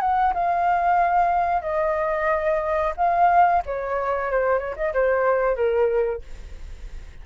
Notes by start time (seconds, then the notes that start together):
0.00 F#5
0.33 F5
1.62 D#5
2.96 F5
3.65 C#5
4.30 C5
4.58 C#5
4.76 D#5
4.93 C5
5.56 A#4